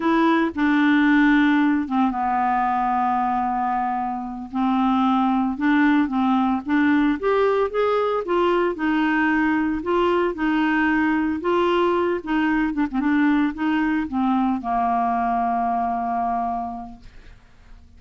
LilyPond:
\new Staff \with { instrumentName = "clarinet" } { \time 4/4 \tempo 4 = 113 e'4 d'2~ d'8 c'8 | b1~ | b8 c'2 d'4 c'8~ | c'8 d'4 g'4 gis'4 f'8~ |
f'8 dis'2 f'4 dis'8~ | dis'4. f'4. dis'4 | d'16 c'16 d'4 dis'4 c'4 ais8~ | ais1 | }